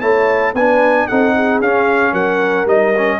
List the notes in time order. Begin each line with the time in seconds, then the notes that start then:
0.00 A3 E4 C#5 A5
0.54 B3 D4 B4 G#5
1.07 C4 D#4 A4 F#5
1.35 G#4
1.60 C#4 F5
2.12 F#3 A#4 F#5
2.65 G3 D#4 D#5
2.97 C#4